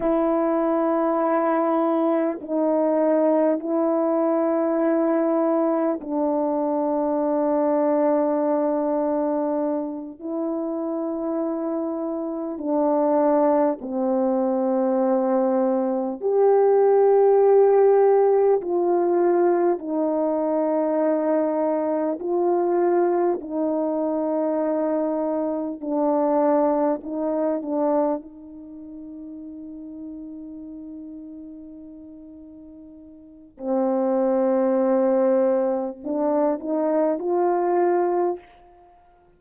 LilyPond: \new Staff \with { instrumentName = "horn" } { \time 4/4 \tempo 4 = 50 e'2 dis'4 e'4~ | e'4 d'2.~ | d'8 e'2 d'4 c'8~ | c'4. g'2 f'8~ |
f'8 dis'2 f'4 dis'8~ | dis'4. d'4 dis'8 d'8 dis'8~ | dis'1 | c'2 d'8 dis'8 f'4 | }